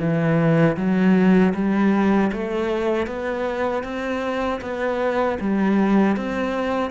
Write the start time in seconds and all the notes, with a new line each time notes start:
0.00 E3
0.77 F#3
1.55 G3
2.33 A3
3.07 B3
3.84 C4
4.62 B3
5.41 G3
6.17 C4